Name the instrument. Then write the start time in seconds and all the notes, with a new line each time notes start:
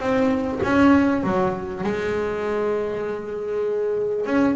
double bass
0.00 C4
0.64 C#4
1.24 F#3
1.84 G#3
4.26 C#4